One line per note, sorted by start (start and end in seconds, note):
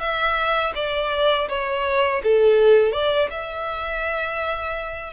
0.00 0.73 E5
0.75 1.48 D5
1.49 2.22 C#5
2.24 2.93 A4
2.93 3.29 D5
3.30 5.13 E5